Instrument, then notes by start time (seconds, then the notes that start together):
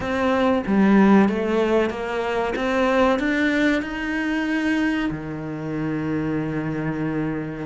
cello
0.00 C4
0.66 G3
1.29 A3
1.90 A#3
2.55 C4
3.19 D4
3.82 D#4
5.10 D#3